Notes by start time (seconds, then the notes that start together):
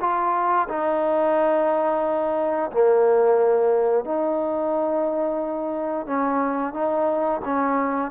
0.00 F4
0.69 D#4
2.71 A#3
4.04 D#4
6.06 C#4
6.73 D#4
7.45 C#4